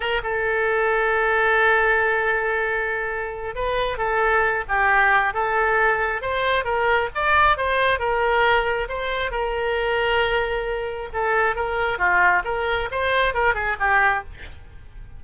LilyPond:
\new Staff \with { instrumentName = "oboe" } { \time 4/4 \tempo 4 = 135 ais'8 a'2.~ a'8~ | a'1 | b'4 a'4. g'4. | a'2 c''4 ais'4 |
d''4 c''4 ais'2 | c''4 ais'2.~ | ais'4 a'4 ais'4 f'4 | ais'4 c''4 ais'8 gis'8 g'4 | }